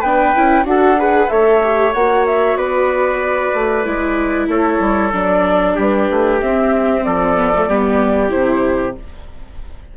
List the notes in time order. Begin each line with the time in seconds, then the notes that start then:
0.00 B3 D4 B4 G5
0.35 C#4 E4
0.64 D4 F#4 A4 F#5
0.97 G#4 B4
1.29 A3 A4 C#5 E5
1.63 G4
1.93 A#3 F#4 F#5
2.26 E5
2.55 B3 B4 D5
3.53 A3
3.85 G#3 E4
4.47 A3 A4 C#5
4.79 G3
5.12 F#3 D4 D5
5.75 G3 G4 B4
6.10 A3
6.40 C4 E5
7.03 F3 A4 D5
7.37 B3
7.55 A3
7.68 G3 B3 G4
8.29 C3 E4 C5